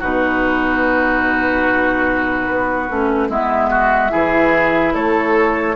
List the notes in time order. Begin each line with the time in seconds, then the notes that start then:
0.00 B2 D#4 F#4 B4
2.47 B3
2.90 A3 C#4
3.29 G#3 B3 E4 E5
3.71 F#4
4.10 E3 E4 G#4
4.94 A3 A4 C#5